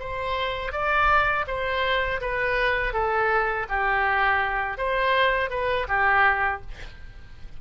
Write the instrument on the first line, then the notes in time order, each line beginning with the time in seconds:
oboe
0.00 C5
0.73 D5
1.47 C5
2.21 B4
2.94 A4
3.69 G4
4.78 C5
5.50 B4
5.88 G4